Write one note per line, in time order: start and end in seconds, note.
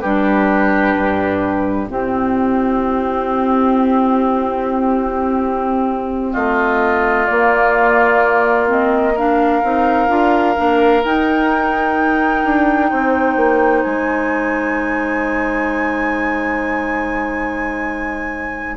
0.00 0.96 G3
0.00 1.87 D4
0.00 1.89 G4
0.00 1.88 B4
0.96 1.89 G2
1.87 7.26 C4
1.87 6.35 C4
1.87 6.31 E4
1.87 6.33 G4
6.31 7.29 A3
6.31 9.12 F4
6.31 7.26 D#5
7.26 8.66 A#3
7.26 9.63 A#3
7.26 8.67 D5
8.66 9.13 C4
8.66 9.17 D#5
9.15 9.63 D4
9.15 12.90 A#4
9.15 11.04 F5
9.63 10.09 C4
9.63 10.07 D#4
10.07 10.55 D4
10.07 10.54 F4
10.56 11.04 A#3
10.56 11.03 D4
11.03 18.76 D#4
11.03 12.44 D#4
11.03 13.83 G5
12.44 12.91 D4
12.90 13.36 C4
12.90 18.76 C5
13.36 13.83 A#3
13.83 18.76 G#3
13.83 18.76 G#5